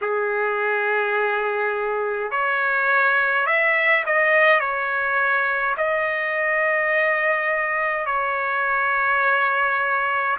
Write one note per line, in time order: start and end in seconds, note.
0.01 2.31 G#4
2.31 3.46 C#5
3.46 4.04 E5
4.06 4.59 D#5
4.59 5.75 C#5
5.77 8.06 D#5
8.06 10.36 C#5